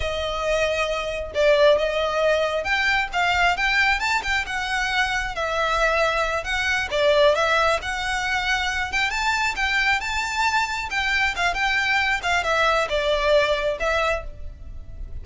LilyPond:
\new Staff \with { instrumentName = "violin" } { \time 4/4 \tempo 4 = 135 dis''2. d''4 | dis''2 g''4 f''4 | g''4 a''8 g''8 fis''2 | e''2~ e''8 fis''4 d''8~ |
d''8 e''4 fis''2~ fis''8 | g''8 a''4 g''4 a''4.~ | a''8 g''4 f''8 g''4. f''8 | e''4 d''2 e''4 | }